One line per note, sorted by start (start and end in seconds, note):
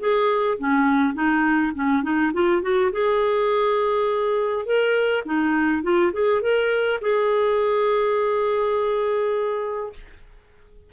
0.00 0.58 G#4
0.59 1.14 C#4
1.14 1.73 D#4
1.75 2.03 C#4
2.03 2.32 D#4
2.34 2.62 F4
2.62 2.92 F#4
2.92 4.66 G#4
4.66 5.24 A#4
5.26 5.83 D#4
5.83 6.12 F4
6.13 6.42 G#4
6.42 7.00 A#4
7.02 9.93 G#4